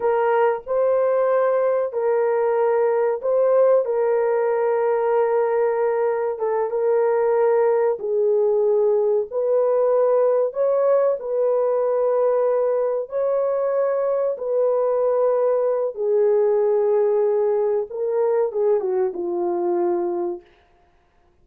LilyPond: \new Staff \with { instrumentName = "horn" } { \time 4/4 \tempo 4 = 94 ais'4 c''2 ais'4~ | ais'4 c''4 ais'2~ | ais'2 a'8 ais'4.~ | ais'8 gis'2 b'4.~ |
b'8 cis''4 b'2~ b'8~ | b'8 cis''2 b'4.~ | b'4 gis'2. | ais'4 gis'8 fis'8 f'2 | }